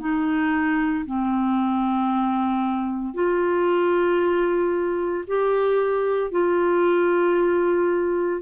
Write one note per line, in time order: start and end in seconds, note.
0.00 1.05 D#4
1.06 3.14 C4
3.14 5.25 F4
5.28 6.32 G4
6.32 8.42 F4